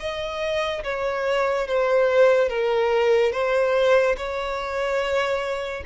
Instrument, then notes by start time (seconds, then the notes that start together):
violin
0.00 D#5
0.84 C#5
1.67 C5
2.50 A#4
3.33 C5
4.17 C#5